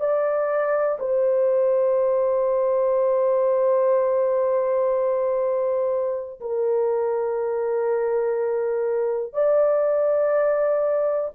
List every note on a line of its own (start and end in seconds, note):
0.00 0.98 D5
0.99 6.40 C5
6.40 9.33 A#4
9.33 11.30 D5